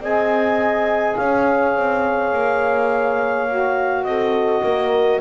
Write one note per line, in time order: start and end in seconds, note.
0.00 1.15 C4
0.00 3.48 G#4
0.00 1.17 D#5
0.00 1.16 G#5
1.16 1.76 C#4
1.16 4.06 C#5
1.16 4.04 F5
1.76 2.33 C4
2.33 4.04 A#3
3.49 5.21 F#4
4.04 4.61 C4
4.04 4.63 A4
4.04 5.19 D#5
4.63 5.21 A#3
4.63 5.21 A#4